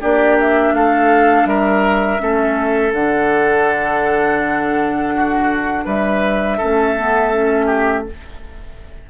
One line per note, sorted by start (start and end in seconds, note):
0.00 0.73 A#3
0.00 2.18 D4
0.00 0.73 G4
0.00 0.38 D5
0.40 0.74 E5
0.73 1.45 A3
0.73 1.48 A4
0.73 1.46 F5
1.45 2.18 G3
1.45 2.21 A#4
1.45 2.92 E5
2.18 2.92 A3
2.18 2.91 C#4
2.18 5.14 A4
2.92 5.85 D3
2.92 6.61 D4
2.92 5.86 F#5
5.14 5.84 F#4
5.84 6.59 G3
5.84 6.57 B4
5.84 8.06 E5
6.57 8.09 A3
6.57 6.97 C#4
6.57 7.66 A4
6.97 7.32 B3
7.32 8.05 C#4
7.66 8.02 G4